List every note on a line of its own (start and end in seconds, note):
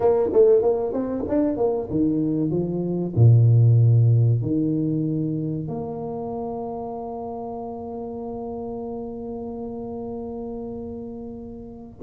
0.00 0.29 A#3
0.32 0.61 A3
0.61 0.92 A#3
0.92 1.24 C4
1.28 1.56 D4
1.56 1.88 A#3
1.90 2.50 D#3
2.50 3.13 F3
3.16 4.41 A#2
4.41 5.68 D#3
5.68 11.99 A#3